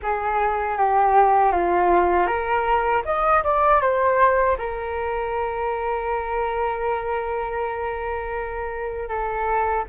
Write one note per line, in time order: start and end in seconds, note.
0.02 0.77 G#4
0.77 1.52 G4
1.52 2.26 F4
2.26 3.02 A#4
3.05 3.43 D#5
3.43 3.81 D5
3.81 4.57 C5
4.58 9.08 A#4
9.08 9.84 A4